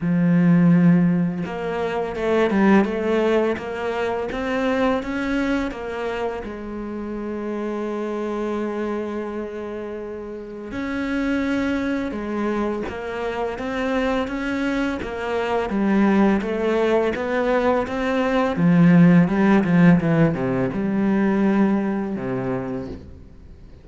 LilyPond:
\new Staff \with { instrumentName = "cello" } { \time 4/4 \tempo 4 = 84 f2 ais4 a8 g8 | a4 ais4 c'4 cis'4 | ais4 gis2.~ | gis2. cis'4~ |
cis'4 gis4 ais4 c'4 | cis'4 ais4 g4 a4 | b4 c'4 f4 g8 f8 | e8 c8 g2 c4 | }